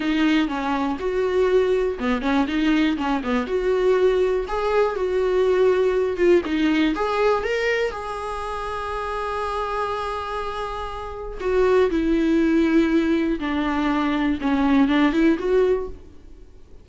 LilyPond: \new Staff \with { instrumentName = "viola" } { \time 4/4 \tempo 4 = 121 dis'4 cis'4 fis'2 | b8 cis'8 dis'4 cis'8 b8 fis'4~ | fis'4 gis'4 fis'2~ | fis'8 f'8 dis'4 gis'4 ais'4 |
gis'1~ | gis'2. fis'4 | e'2. d'4~ | d'4 cis'4 d'8 e'8 fis'4 | }